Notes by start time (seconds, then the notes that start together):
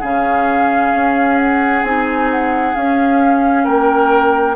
0.00 C#3 C#4 G#4 F5
0.94 C#4
1.38 F#5
1.83 C4 D#4 G#5
2.31 F#5
2.75 C#4 F5
3.64 A#3 A#4 G5